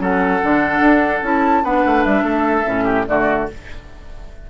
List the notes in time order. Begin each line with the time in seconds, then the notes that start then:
0.00 F#3 C#4 A4 F#5
0.43 D3 D4
0.80 D4
1.23 C#4 E4 A5
1.64 B3 D4 B4 F#5
1.86 A3
2.03 G3 E5
2.22 A3 A4
2.65 A2 C#4
2.84 G4
3.08 D3 A3 F#4 D5